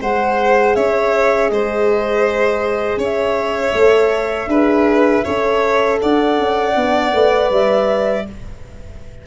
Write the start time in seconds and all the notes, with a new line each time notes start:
0.00 G#3 G#4 C5 F#5
0.75 C#4 C#5 E5
1.49 G#3 C5 D#5
2.97 C#4 C#5
3.03 E5
3.73 A3 A4
4.46 D4 G#4 B4
5.24 C#4 A4 C#5
6.00 D4 D5 F#5
6.38 C#4
6.75 B3 D4
7.13 A3 B4
7.50 G3 E5